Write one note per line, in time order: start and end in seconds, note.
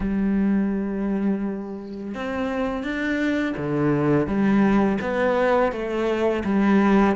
0.00 2.14 G3
2.14 2.83 C4
2.83 3.55 D4
3.57 4.27 D3
4.27 4.98 G3
5.01 5.71 B3
5.71 6.43 A3
6.44 7.16 G3